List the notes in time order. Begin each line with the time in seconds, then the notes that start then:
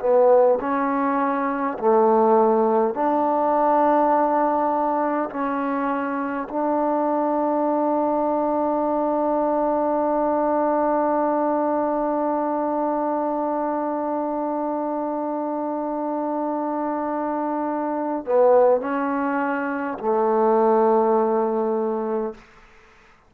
0.00 B3
0.60 C#4
1.79 A3
2.95 D4
5.30 C#4
6.49 D4
18.26 B3
18.81 C#4
19.99 A3